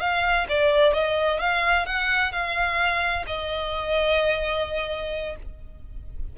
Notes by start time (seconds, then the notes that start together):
0.00 F5
0.49 D5
0.93 D#5
1.40 F5
1.86 F#5
2.32 F5
3.27 D#5